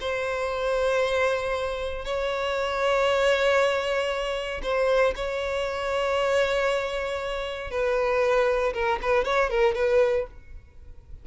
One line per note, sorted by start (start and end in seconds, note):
0.00 2.04 C5
2.04 4.61 C#5
4.62 5.14 C5
5.15 7.70 C#5
7.70 8.73 B4
8.73 8.99 A#4
9.01 9.24 B4
9.24 9.50 C#5
9.50 9.75 A#4
9.75 10.26 B4